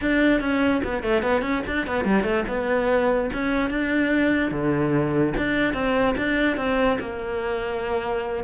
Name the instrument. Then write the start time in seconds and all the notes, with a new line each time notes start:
cello
0.01 D4
0.40 C#4
0.84 B3
1.03 A3
1.22 B3
1.41 C#4
1.66 D4
1.86 B3
2.05 G3
2.23 A3
2.48 B3
3.33 C#4
3.70 D4
4.51 D3
5.37 D4
5.73 C4
6.17 D4
6.57 C4
7.00 A#3